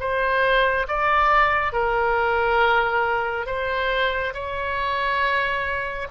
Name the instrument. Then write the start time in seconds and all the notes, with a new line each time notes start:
oboe
0.00 C5
0.88 D5
1.73 A#4
3.47 C5
4.34 C#5